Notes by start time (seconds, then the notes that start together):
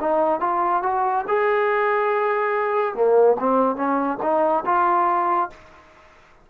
0.00 D#4
0.40 F4
0.83 F#4
1.28 G#4
2.94 A#3
3.39 C4
3.76 C#4
4.22 D#4
4.65 F4